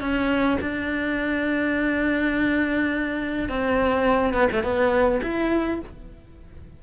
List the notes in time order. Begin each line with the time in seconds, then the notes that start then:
0.00 C#4
0.61 D4
3.49 C4
4.33 B3
4.52 A3
4.63 B3
5.22 E4